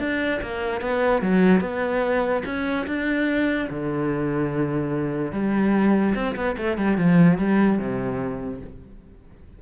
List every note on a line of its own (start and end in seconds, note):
0.00 0.41 D4
0.42 0.82 A#3
0.82 1.23 B3
1.23 1.61 F#3
1.61 2.43 B3
2.46 2.87 C#4
2.87 3.69 D4
3.70 5.33 D3
5.33 6.15 G3
6.16 6.36 C4
6.36 6.57 B3
6.58 6.78 A3
6.78 6.98 G3
6.98 7.39 F3
7.39 7.79 G3
7.79 8.61 C3